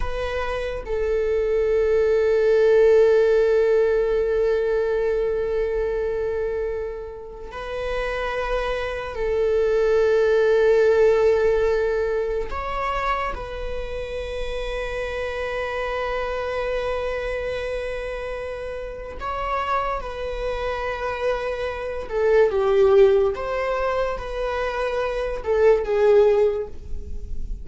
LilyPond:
\new Staff \with { instrumentName = "viola" } { \time 4/4 \tempo 4 = 72 b'4 a'2.~ | a'1~ | a'4 b'2 a'4~ | a'2. cis''4 |
b'1~ | b'2. cis''4 | b'2~ b'8 a'8 g'4 | c''4 b'4. a'8 gis'4 | }